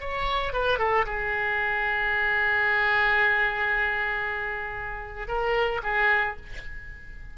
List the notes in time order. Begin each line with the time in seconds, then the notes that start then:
0.00 C#5
0.53 B4
0.79 A4
1.06 G#4
5.28 A#4
5.83 G#4